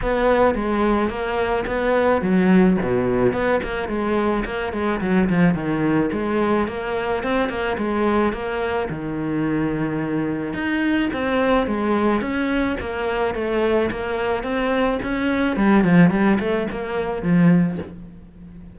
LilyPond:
\new Staff \with { instrumentName = "cello" } { \time 4/4 \tempo 4 = 108 b4 gis4 ais4 b4 | fis4 b,4 b8 ais8 gis4 | ais8 gis8 fis8 f8 dis4 gis4 | ais4 c'8 ais8 gis4 ais4 |
dis2. dis'4 | c'4 gis4 cis'4 ais4 | a4 ais4 c'4 cis'4 | g8 f8 g8 a8 ais4 f4 | }